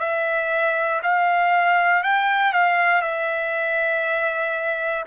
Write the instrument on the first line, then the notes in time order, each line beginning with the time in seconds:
trumpet
0.00 E5
1.03 F5
2.04 G5
2.53 F5
3.02 E5